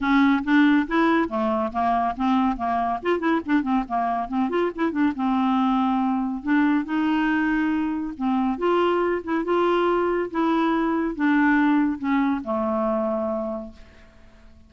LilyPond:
\new Staff \with { instrumentName = "clarinet" } { \time 4/4 \tempo 4 = 140 cis'4 d'4 e'4 a4 | ais4 c'4 ais4 f'8 e'8 | d'8 c'8 ais4 c'8 f'8 e'8 d'8 | c'2. d'4 |
dis'2. c'4 | f'4. e'8 f'2 | e'2 d'2 | cis'4 a2. | }